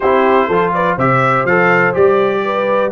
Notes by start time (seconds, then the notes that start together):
0.00 C4 E4 G4 C5
0.47 F3 F4 A4
0.73 B4 D5
0.96 C3 G4 C5 E5
1.45 F3 A4 F5
1.93 G3 G4 D5
2.44 B4